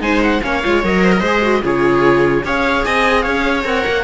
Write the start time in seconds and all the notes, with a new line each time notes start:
0.00 G#3 D#4 C5 G#5
0.22 F#5
0.42 A#3 C#4 C#5 F5
0.63 G#3 F4
0.83 F#3 A#4 D#5
1.04 C5
1.12 A#4
1.19 G#3 C5
1.26 G#4
1.41 F#4
1.62 C#3 F4 G#4 C#5
2.44 C#4 G#4 C#5 F5
2.85 C4 D#5 G#5
3.21 C#4 C#5 F5
3.64 C4 A#4 F#5
3.86 A#3